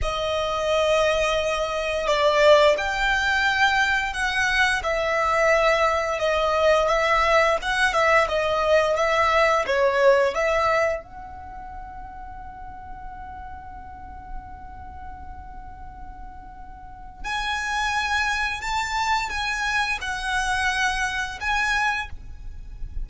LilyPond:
\new Staff \with { instrumentName = "violin" } { \time 4/4 \tempo 4 = 87 dis''2. d''4 | g''2 fis''4 e''4~ | e''4 dis''4 e''4 fis''8 e''8 | dis''4 e''4 cis''4 e''4 |
fis''1~ | fis''1~ | fis''4 gis''2 a''4 | gis''4 fis''2 gis''4 | }